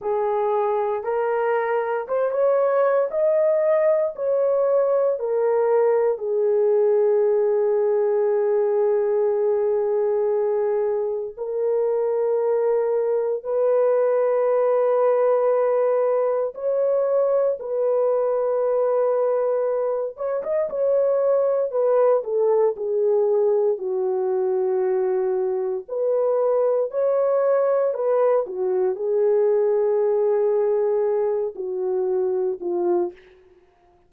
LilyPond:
\new Staff \with { instrumentName = "horn" } { \time 4/4 \tempo 4 = 58 gis'4 ais'4 c''16 cis''8. dis''4 | cis''4 ais'4 gis'2~ | gis'2. ais'4~ | ais'4 b'2. |
cis''4 b'2~ b'8 cis''16 dis''16 | cis''4 b'8 a'8 gis'4 fis'4~ | fis'4 b'4 cis''4 b'8 fis'8 | gis'2~ gis'8 fis'4 f'8 | }